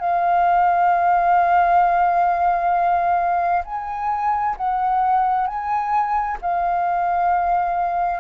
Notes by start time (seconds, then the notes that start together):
0.00 F5
3.65 G#5
4.57 F#5
5.48 G#5
6.42 F5